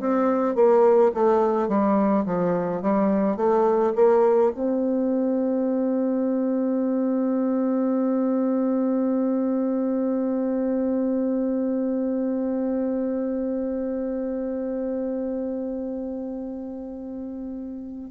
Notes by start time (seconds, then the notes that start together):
0.00 C4
0.55 A#3
1.14 A3
1.68 G3
2.25 F3
2.82 G3
3.37 A3
3.95 A#3
4.54 C4